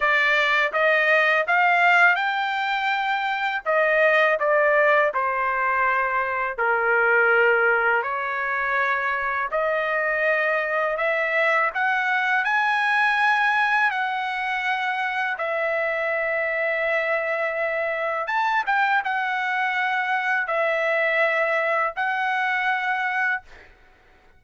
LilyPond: \new Staff \with { instrumentName = "trumpet" } { \time 4/4 \tempo 4 = 82 d''4 dis''4 f''4 g''4~ | g''4 dis''4 d''4 c''4~ | c''4 ais'2 cis''4~ | cis''4 dis''2 e''4 |
fis''4 gis''2 fis''4~ | fis''4 e''2.~ | e''4 a''8 g''8 fis''2 | e''2 fis''2 | }